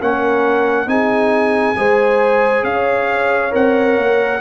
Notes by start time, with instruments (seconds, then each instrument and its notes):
0.00 tuba A#3, trombone C#4, horn A#4, trumpet F#5
0.86 tuba C4, trombone D#4, horn G#4, trumpet G#5
1.76 tuba G#3, trombone G#4, horn C5
2.63 tuba C#4, horn C#5, trumpet F5
3.50 tuba C4, trombone A#4, trumpet F#5
3.97 tuba A#3